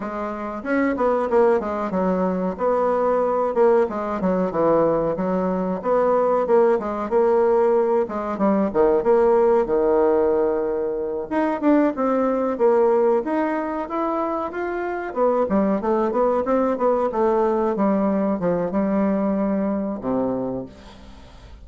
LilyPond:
\new Staff \with { instrumentName = "bassoon" } { \time 4/4 \tempo 4 = 93 gis4 cis'8 b8 ais8 gis8 fis4 | b4. ais8 gis8 fis8 e4 | fis4 b4 ais8 gis8 ais4~ | ais8 gis8 g8 dis8 ais4 dis4~ |
dis4. dis'8 d'8 c'4 ais8~ | ais8 dis'4 e'4 f'4 b8 | g8 a8 b8 c'8 b8 a4 g8~ | g8 f8 g2 c4 | }